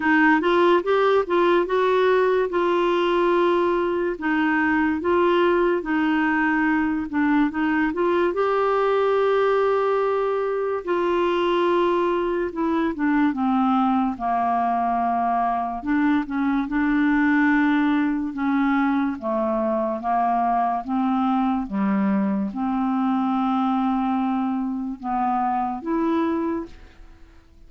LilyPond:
\new Staff \with { instrumentName = "clarinet" } { \time 4/4 \tempo 4 = 72 dis'8 f'8 g'8 f'8 fis'4 f'4~ | f'4 dis'4 f'4 dis'4~ | dis'8 d'8 dis'8 f'8 g'2~ | g'4 f'2 e'8 d'8 |
c'4 ais2 d'8 cis'8 | d'2 cis'4 a4 | ais4 c'4 g4 c'4~ | c'2 b4 e'4 | }